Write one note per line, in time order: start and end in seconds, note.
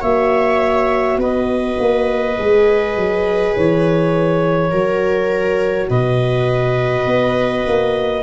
0.00 1.16 A#3
0.00 2.37 F#4
0.00 1.18 C#5
0.00 1.19 E5
1.16 1.75 B3
1.16 4.70 B4
1.16 3.56 D#5
1.79 2.37 A#3
2.37 2.96 G#3
2.37 4.72 G#4
2.96 3.55 F#3
3.56 4.72 E3
3.56 5.89 C#5
4.70 5.89 F#3
4.70 8.22 F#4
4.70 5.88 A#4
5.89 7.06 B2
5.89 8.22 B4
5.89 8.22 D#5
7.06 7.65 B3
7.66 8.22 A#3